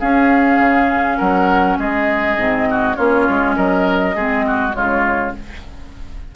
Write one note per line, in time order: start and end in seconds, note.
0.00 0.59 C#4
0.00 2.38 C#4
0.00 1.18 G#4
0.00 1.19 F5
0.59 1.18 C#3
1.18 1.78 F#3
1.18 1.77 A#4
1.18 1.78 F#5
1.78 2.37 G#3
1.78 2.68 G#4
1.78 2.96 D#5
2.37 2.97 G#2
2.37 2.96 C4
2.71 2.96 F#4
2.96 3.28 A#3
2.96 4.15 C#4
2.96 3.56 F4
2.96 3.55 C#5
3.29 3.57 G#3
3.56 4.16 F#3
3.56 4.16 A#4
3.56 4.74 D#5
4.16 4.75 G#3
4.16 4.71 C4
4.16 4.45 G#4
4.47 4.76 F#4
4.71 5.36 C#3
4.71 5.31 G#3
4.71 5.36 F4
4.71 5.34 C#5